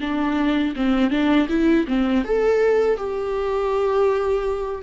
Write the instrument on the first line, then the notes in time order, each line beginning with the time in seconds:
viola
0.00 D4
0.75 C4
1.10 D4
1.49 E4
1.88 C4
2.24 A4
2.97 G4